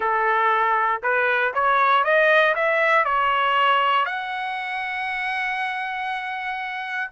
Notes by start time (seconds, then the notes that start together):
0.00 A4
1.02 B4
1.53 C#5
2.04 D#5
2.55 E5
3.04 C#5
4.05 F#5